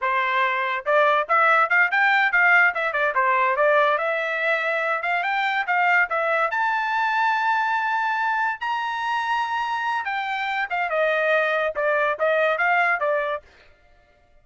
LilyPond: \new Staff \with { instrumentName = "trumpet" } { \time 4/4 \tempo 4 = 143 c''2 d''4 e''4 | f''8 g''4 f''4 e''8 d''8 c''8~ | c''8 d''4 e''2~ e''8 | f''8 g''4 f''4 e''4 a''8~ |
a''1~ | a''8 ais''2.~ ais''8 | g''4. f''8 dis''2 | d''4 dis''4 f''4 d''4 | }